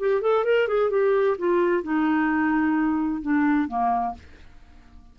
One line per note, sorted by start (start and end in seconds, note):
0.00 0.22 G4
0.22 0.45 A4
0.45 0.68 A#4
0.68 0.91 G#4
0.91 1.37 G4
1.39 1.84 F4
1.84 3.22 D#4
3.22 3.68 D4
3.68 4.15 A#3